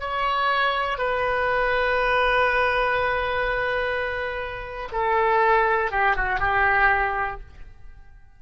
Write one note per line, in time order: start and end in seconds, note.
0.00 0.98 C#5
0.98 4.89 B4
4.92 5.91 A4
5.91 6.16 G4
6.16 6.40 F#4
6.40 7.40 G4